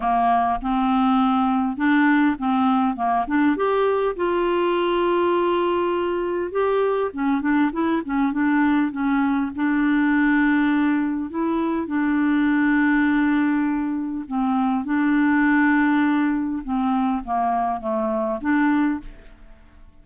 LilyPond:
\new Staff \with { instrumentName = "clarinet" } { \time 4/4 \tempo 4 = 101 ais4 c'2 d'4 | c'4 ais8 d'8 g'4 f'4~ | f'2. g'4 | cis'8 d'8 e'8 cis'8 d'4 cis'4 |
d'2. e'4 | d'1 | c'4 d'2. | c'4 ais4 a4 d'4 | }